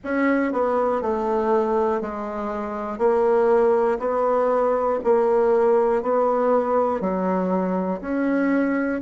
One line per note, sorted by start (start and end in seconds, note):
0.04 0.52 C#4
0.52 1.01 B3
1.01 2.00 A3
2.00 2.98 G#3
2.98 3.98 A#3
3.99 4.99 B3
5.04 6.02 A#3
6.02 7.00 B3
7.00 8.00 F#3
8.01 9.01 C#4